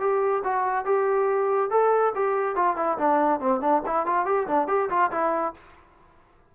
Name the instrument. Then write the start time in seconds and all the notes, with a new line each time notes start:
trombone
0.00 G4
0.44 F#4
0.85 G4
1.70 A4
2.15 G4
2.56 F4
2.76 E4
2.98 D4
3.40 C4
3.61 D4
3.86 E4
4.06 F4
4.25 G4
4.47 D4
4.68 G4
4.90 F4
5.11 E4